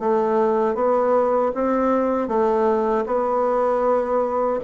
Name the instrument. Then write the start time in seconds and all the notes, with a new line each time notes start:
bassoon
0.00 A3
0.75 B3
1.55 C4
2.28 A3
3.06 B3